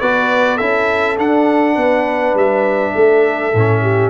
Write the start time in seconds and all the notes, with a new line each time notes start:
0.00 B3 F#4 B4 D5
0.57 C#4 E4 A4 E5
1.17 D4 F#5
1.75 B3 B4
2.34 G3 E5
2.95 A3 A4
3.54 A2 C#4
3.82 G4